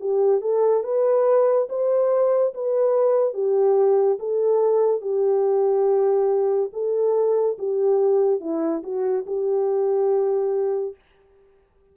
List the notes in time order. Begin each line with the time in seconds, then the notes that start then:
0.00 G4
0.41 A4
0.84 B4
1.69 C5
2.54 B4
3.34 G4
4.19 A4
5.01 G4
6.73 A4
7.59 G4
8.40 E4
8.83 F#4
9.26 G4